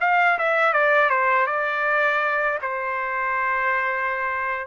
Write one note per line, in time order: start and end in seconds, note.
0.00 0.38 F5
0.38 0.73 E5
0.73 1.09 D5
1.09 1.46 C5
1.46 2.59 D5
2.61 4.66 C5